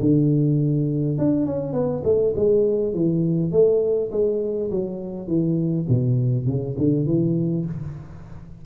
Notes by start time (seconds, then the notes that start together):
0.00 D3
1.18 D4
1.45 C#4
1.73 B3
2.04 A3
2.35 G#3
2.94 E3
3.52 A3
4.11 G#3
4.70 F#3
5.27 E3
5.88 B2
6.46 C#3
6.78 D3
7.06 E3